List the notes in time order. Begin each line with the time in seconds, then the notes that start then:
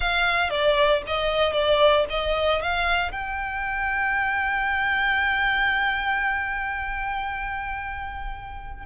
0.00 F5
0.50 D5
1.06 D#5
1.52 D5
2.09 D#5
2.61 F5
3.11 G5